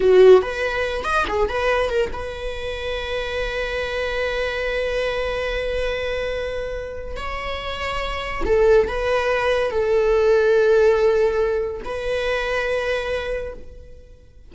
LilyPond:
\new Staff \with { instrumentName = "viola" } { \time 4/4 \tempo 4 = 142 fis'4 b'4. dis''8 gis'8 b'8~ | b'8 ais'8 b'2.~ | b'1~ | b'1~ |
b'4 cis''2. | a'4 b'2 a'4~ | a'1 | b'1 | }